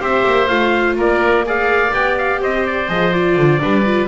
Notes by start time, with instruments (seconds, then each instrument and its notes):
0.00 double bass C4, viola G4, oboe C5, trumpet E5
0.26 double bass A#3
0.48 double bass A3, viola F4, trumpet F5
0.96 double bass A#3, oboe A#4, trumpet D5
1.46 viola G#4, oboe D5, trumpet F5
1.90 double bass B3, viola G4, trumpet G5
2.18 trumpet F5
2.41 double bass C4, oboe C5, trumpet D#5
2.67 trumpet D5
2.88 double bass F3, viola G#4, trumpet D#5
3.13 viola F4, trumpet D5
3.37 double bass D3
3.60 double bass G3, viola D4, oboe B4
3.86 viola F4